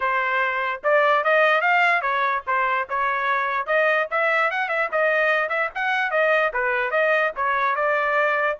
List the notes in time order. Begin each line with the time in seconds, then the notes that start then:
0.00 C5
0.83 D5
1.24 D#5
1.61 F5
2.01 C#5
2.47 C5
2.89 C#5
3.66 D#5
4.10 E5
4.50 F#5
4.68 E5
4.91 D#5
5.49 E5
5.74 F#5
6.10 D#5
6.53 B4
6.91 D#5
7.36 C#5
7.75 D5